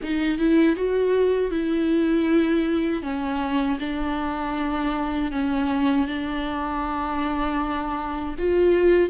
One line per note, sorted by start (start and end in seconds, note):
0.02 0.38 D#4
0.38 0.76 E4
0.76 1.50 F#4
1.50 3.02 E4
3.02 3.78 C#4
3.79 5.31 D4
5.31 6.07 C#4
6.07 8.35 D4
8.38 9.09 F4